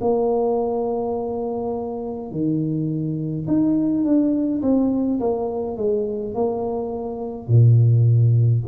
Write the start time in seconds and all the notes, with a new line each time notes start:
0.00 A#3
2.31 D#3
3.47 D#4
4.04 D4
4.62 C4
5.19 A#3
5.76 G#3
6.34 A#3
7.47 A#2